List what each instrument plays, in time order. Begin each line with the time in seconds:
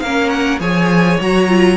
0.00 cello A#3, viola C#4, violin A#4 F5
0.29 violin F#5
0.59 cello F3, viola G#4, violin C#5 G#5
1.20 cello F#3, viola F#4, violin A#5
1.48 viola F4